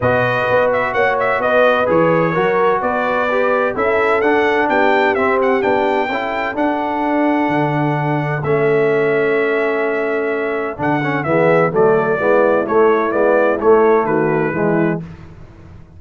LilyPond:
<<
  \new Staff \with { instrumentName = "trumpet" } { \time 4/4 \tempo 4 = 128 dis''4. e''8 fis''8 e''8 dis''4 | cis''2 d''2 | e''4 fis''4 g''4 e''8 fis''8 | g''2 fis''2~ |
fis''2 e''2~ | e''2. fis''4 | e''4 d''2 cis''4 | d''4 cis''4 b'2 | }
  \new Staff \with { instrumentName = "horn" } { \time 4/4 b'2 cis''4 b'4~ | b'4 ais'4 b'2 | a'2 g'2~ | g'4 a'2.~ |
a'1~ | a'1 | gis'4 a'4 e'2~ | e'2 fis'4 e'4 | }
  \new Staff \with { instrumentName = "trombone" } { \time 4/4 fis'1 | gis'4 fis'2 g'4 | e'4 d'2 c'4 | d'4 e'4 d'2~ |
d'2 cis'2~ | cis'2. d'8 cis'8 | b4 a4 b4 a4 | b4 a2 gis4 | }
  \new Staff \with { instrumentName = "tuba" } { \time 4/4 b,4 b4 ais4 b4 | e4 fis4 b2 | cis'4 d'4 b4 c'4 | b4 cis'4 d'2 |
d2 a2~ | a2. d4 | e4 fis4 gis4 a4 | gis4 a4 dis4 e4 | }
>>